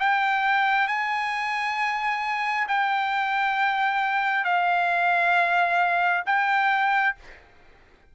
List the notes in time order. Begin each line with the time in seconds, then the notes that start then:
0.00 G5
0.88 G#5
2.68 G5
4.45 F5
6.26 G5